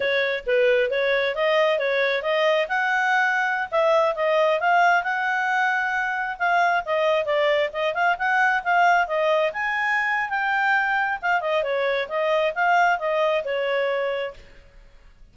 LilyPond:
\new Staff \with { instrumentName = "clarinet" } { \time 4/4 \tempo 4 = 134 cis''4 b'4 cis''4 dis''4 | cis''4 dis''4 fis''2~ | fis''16 e''4 dis''4 f''4 fis''8.~ | fis''2~ fis''16 f''4 dis''8.~ |
dis''16 d''4 dis''8 f''8 fis''4 f''8.~ | f''16 dis''4 gis''4.~ gis''16 g''4~ | g''4 f''8 dis''8 cis''4 dis''4 | f''4 dis''4 cis''2 | }